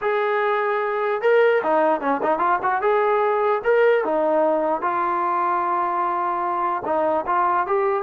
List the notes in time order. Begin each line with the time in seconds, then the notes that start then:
0.01 G#4
1.21 A#4
1.63 D#4
2.00 C#4
2.23 D#4
2.38 F4
2.62 F#4
2.81 G#4
3.64 A#4
4.04 D#4
4.81 F4
6.85 D#4
7.26 F4
7.66 G4